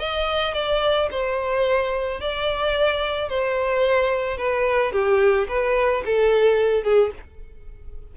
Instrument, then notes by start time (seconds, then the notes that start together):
violin
0.00 D#5
0.54 D5
1.11 C5
2.21 D5
3.29 C5
4.38 B4
4.93 G4
5.49 B4
6.06 A4
6.84 G#4